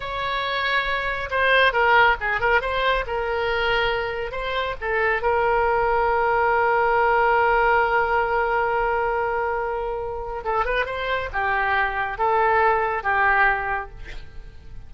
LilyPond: \new Staff \with { instrumentName = "oboe" } { \time 4/4 \tempo 4 = 138 cis''2. c''4 | ais'4 gis'8 ais'8 c''4 ais'4~ | ais'2 c''4 a'4 | ais'1~ |
ais'1~ | ais'1 | a'8 b'8 c''4 g'2 | a'2 g'2 | }